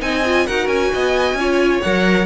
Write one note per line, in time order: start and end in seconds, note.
0.00 0.47 C4
0.00 0.23 D#4
0.00 0.47 D#5
0.00 0.47 G#5
0.26 0.48 F4
0.47 0.68 D#4
0.47 1.39 F#4
0.47 0.92 A#4
0.47 0.68 F#5
0.68 0.90 C#4
0.68 1.81 G#5
0.94 1.34 B3
0.94 1.38 D#5
1.34 1.80 C#4
1.34 1.84 F4
1.34 2.27 C#5
1.82 2.27 F#3
1.82 2.27 A#4
1.82 2.27 F#5